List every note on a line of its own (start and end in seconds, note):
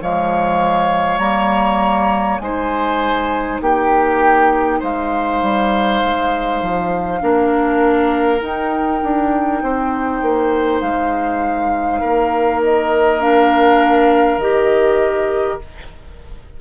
0.00 1.19 F3
0.00 1.20 G#3
0.00 2.42 C#5
0.00 1.18 F5
1.18 2.39 G3
1.18 2.40 A#3
1.18 2.38 A#5
2.39 3.60 G#3
2.39 7.20 D#4
2.39 3.62 C5
2.39 3.59 G#5
3.61 4.81 A#3
3.61 4.79 G4
3.61 4.82 G5
4.79 5.42 G#3
4.79 7.19 C5
4.79 8.41 F5
5.42 6.02 G3
6.04 6.61 G#3
6.61 7.21 F3
7.21 8.41 A#3
7.21 8.38 D4
7.21 9.63 A#4
8.38 13.18 D#4
8.38 9.01 D#4
8.38 10.81 G5
9.03 9.62 D4
9.62 10.22 C4
9.62 12.00 C5
10.22 10.82 A#3
10.81 12.02 G#3
10.81 12.61 F5
12.00 14.37 A#3
12.00 15.60 A#4
12.63 13.21 D#5
13.20 14.40 D4
13.20 14.39 F5
14.37 15.57 D#3
14.37 15.61 G4
14.37 15.59 D#5